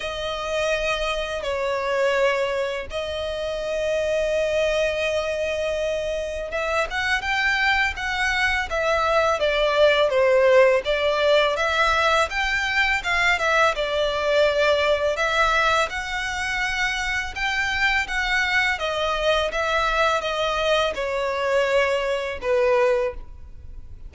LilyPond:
\new Staff \with { instrumentName = "violin" } { \time 4/4 \tempo 4 = 83 dis''2 cis''2 | dis''1~ | dis''4 e''8 fis''8 g''4 fis''4 | e''4 d''4 c''4 d''4 |
e''4 g''4 f''8 e''8 d''4~ | d''4 e''4 fis''2 | g''4 fis''4 dis''4 e''4 | dis''4 cis''2 b'4 | }